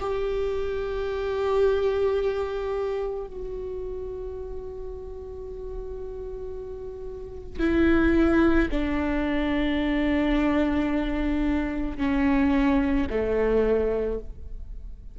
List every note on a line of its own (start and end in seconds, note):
0.00 3.26 G4
3.26 7.59 F#4
7.59 8.68 E4
8.71 11.98 D4
11.98 13.07 C#4
13.10 14.19 A3